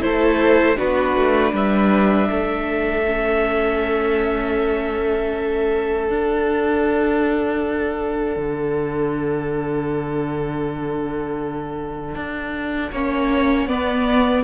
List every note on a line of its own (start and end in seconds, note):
0.00 0.76 A3
0.00 0.77 E4
0.00 0.78 A4
0.00 0.78 C5
0.77 1.16 B3
0.77 3.04 D4
0.77 1.53 F#4
0.77 1.55 B4
1.16 1.53 A3
1.53 2.29 G3
1.53 2.29 B4
1.53 6.08 E5
2.29 6.09 A3
2.29 12.92 A4
3.06 6.08 C#4
6.08 12.92 D4
6.08 8.36 D4
6.08 14.44 F#5
8.36 12.15 D3
12.15 12.91 D4
12.92 13.67 A#3
12.92 13.69 C#4
12.92 13.68 C#5
13.67 14.43 B3
13.67 14.44 B3
13.67 14.44 D5